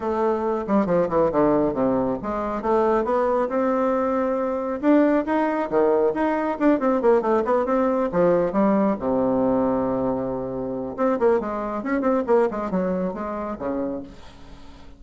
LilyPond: \new Staff \with { instrumentName = "bassoon" } { \time 4/4 \tempo 4 = 137 a4. g8 f8 e8 d4 | c4 gis4 a4 b4 | c'2. d'4 | dis'4 dis4 dis'4 d'8 c'8 |
ais8 a8 b8 c'4 f4 g8~ | g8 c2.~ c8~ | c4 c'8 ais8 gis4 cis'8 c'8 | ais8 gis8 fis4 gis4 cis4 | }